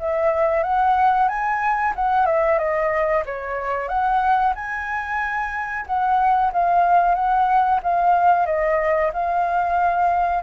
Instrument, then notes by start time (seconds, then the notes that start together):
flute
0.00 E5
0.64 F#5
1.29 G#5
1.96 F#5
2.26 E5
2.59 D#5
3.26 C#5
3.89 F#5
4.56 G#5
5.87 F#5
6.53 F5
7.15 F#5
7.83 F5
8.46 D#5
9.14 F5